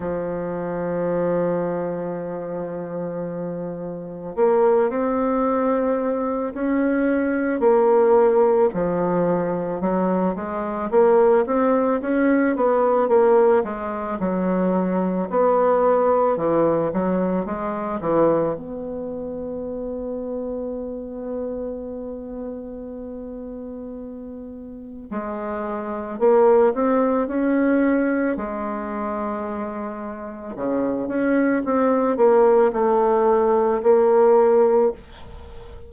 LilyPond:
\new Staff \with { instrumentName = "bassoon" } { \time 4/4 \tempo 4 = 55 f1 | ais8 c'4. cis'4 ais4 | f4 fis8 gis8 ais8 c'8 cis'8 b8 | ais8 gis8 fis4 b4 e8 fis8 |
gis8 e8 b2.~ | b2. gis4 | ais8 c'8 cis'4 gis2 | cis8 cis'8 c'8 ais8 a4 ais4 | }